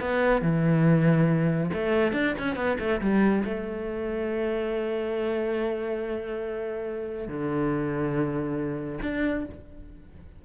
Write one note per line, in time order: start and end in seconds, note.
0.00 0.42 B3
0.42 1.70 E3
1.73 2.13 A3
2.13 2.34 D4
2.39 2.56 C#4
2.56 2.77 B3
2.79 3.01 A3
3.01 3.44 G3
3.45 7.28 A3
7.28 8.99 D3
9.02 9.45 D4